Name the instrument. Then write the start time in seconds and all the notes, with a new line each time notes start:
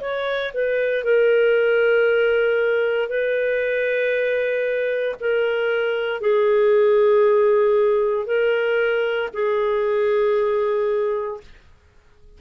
clarinet
0.00 C#5
0.53 B4
1.04 A#4
3.08 B4
5.20 A#4
6.21 G#4
8.25 A#4
9.33 G#4